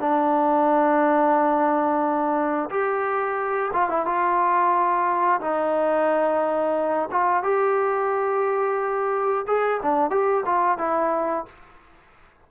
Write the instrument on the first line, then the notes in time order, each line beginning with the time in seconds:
trombone
0.00 D4
2.70 G4
3.73 F4
3.89 E4
4.06 F4
5.41 D#4
7.11 F4
7.43 G4
9.47 G#4
9.82 D4
10.10 G4
10.45 F4
10.78 E4